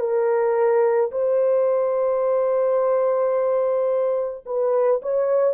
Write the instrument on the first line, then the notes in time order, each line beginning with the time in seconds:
horn
0.00 A#4
1.12 C5
4.46 B4
5.03 C#5